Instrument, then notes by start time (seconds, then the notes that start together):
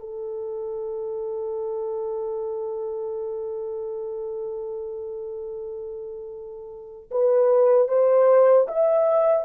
horn
0.00 A4
7.11 B4
7.88 C5
8.68 E5